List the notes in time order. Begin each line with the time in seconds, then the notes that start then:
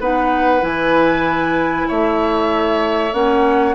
0.00 B3 D#4 B4 F#5
0.61 E3 E4 G#5
1.88 A3 C#5 E5
3.13 A#3 C#4 F#5